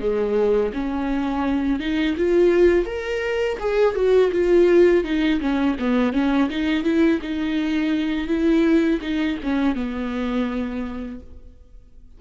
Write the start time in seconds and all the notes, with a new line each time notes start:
0.00 G#3
0.73 C#4
1.80 D#4
2.18 F4
2.86 A#4
3.60 G#4
3.95 F#4
4.32 F4
5.04 D#4
5.41 C#4
5.79 B3
6.13 C#4
6.50 D#4
6.84 E4
7.22 D#4
8.28 E4
9.01 D#4
9.43 C#4
9.76 B3